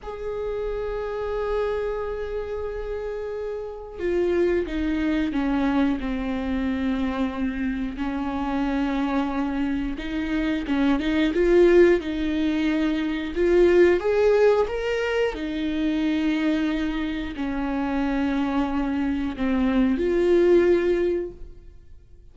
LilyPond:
\new Staff \with { instrumentName = "viola" } { \time 4/4 \tempo 4 = 90 gis'1~ | gis'2 f'4 dis'4 | cis'4 c'2. | cis'2. dis'4 |
cis'8 dis'8 f'4 dis'2 | f'4 gis'4 ais'4 dis'4~ | dis'2 cis'2~ | cis'4 c'4 f'2 | }